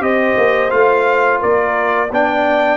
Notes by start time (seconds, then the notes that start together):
0.00 C4 G4 C5 D#5
0.37 A#3
0.70 A3 F4 F5
1.40 A#3 A#4 D5
2.11 B3 D4 D5 G5